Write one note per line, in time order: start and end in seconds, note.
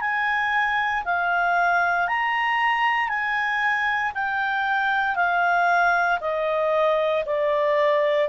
0.00 1.03 G#5
1.04 2.07 F5
2.07 3.08 A#5
3.08 4.12 G#5
4.14 5.15 G5
5.15 6.19 F5
6.20 7.24 D#5
7.25 8.29 D5